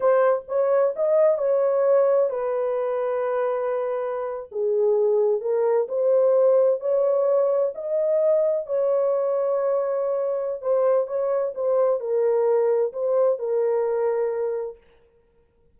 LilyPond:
\new Staff \with { instrumentName = "horn" } { \time 4/4 \tempo 4 = 130 c''4 cis''4 dis''4 cis''4~ | cis''4 b'2.~ | b'4.~ b'16 gis'2 ais'16~ | ais'8. c''2 cis''4~ cis''16~ |
cis''8. dis''2 cis''4~ cis''16~ | cis''2. c''4 | cis''4 c''4 ais'2 | c''4 ais'2. | }